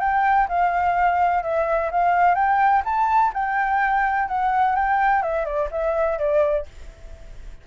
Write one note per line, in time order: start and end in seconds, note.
0.00 0.48 G5
0.48 1.43 F5
1.43 1.90 E5
1.91 2.35 F5
2.35 2.83 G5
2.85 3.33 A5
3.34 4.28 G5
4.28 4.76 F#5
4.76 5.22 G5
5.22 5.45 E5
5.45 5.69 D5
5.71 6.18 E5
6.18 6.66 D5